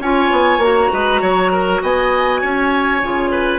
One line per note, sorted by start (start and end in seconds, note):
0.00 0.30 C#4
0.00 0.61 F4
0.00 0.92 C#5
0.00 0.62 G#5
0.31 0.58 B3
0.58 0.88 A#3
0.58 3.01 F#4
0.58 1.82 A#5
0.93 1.21 G#3
0.93 1.21 B4
1.21 1.81 F#3
1.21 1.51 C#5
1.52 1.82 A#4
1.82 2.42 B3
1.82 2.41 D#5
1.82 3.59 G#5
2.41 3.02 C#4
2.41 3.31 C#5
3.02 3.59 C#3
3.02 3.59 F4
3.31 3.59 B4